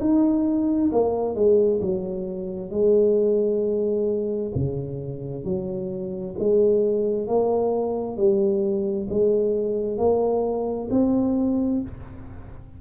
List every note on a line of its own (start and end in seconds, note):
0.00 0.91 D#4
0.92 1.35 A#3
1.35 1.80 G#3
1.81 2.70 F#3
2.70 4.52 G#3
4.55 5.44 C#3
5.44 6.35 F#3
6.39 7.27 G#3
7.27 8.17 A#3
8.17 9.07 G3
9.10 9.98 G#3
9.98 10.88 A#3
10.90 11.81 C4